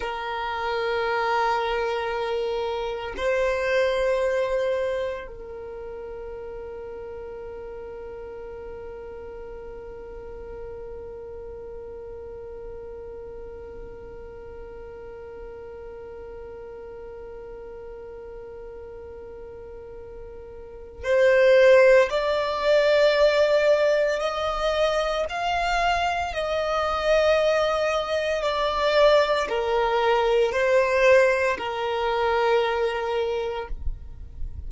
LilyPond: \new Staff \with { instrumentName = "violin" } { \time 4/4 \tempo 4 = 57 ais'2. c''4~ | c''4 ais'2.~ | ais'1~ | ais'1~ |
ais'1 | c''4 d''2 dis''4 | f''4 dis''2 d''4 | ais'4 c''4 ais'2 | }